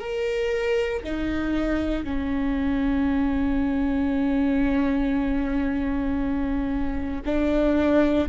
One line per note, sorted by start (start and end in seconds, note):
0.00 1.03 A#4
1.04 2.05 D#4
2.05 7.22 C#4
7.26 8.29 D4